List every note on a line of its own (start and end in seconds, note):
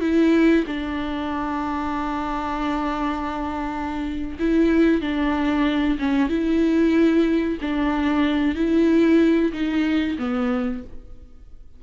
0.00 0.65 E4
0.67 4.38 D4
4.39 5.01 E4
5.01 5.98 D4
5.99 6.29 C#4
6.29 7.58 E4
7.61 8.55 D4
8.55 9.52 E4
9.52 10.17 D#4
10.18 10.83 B3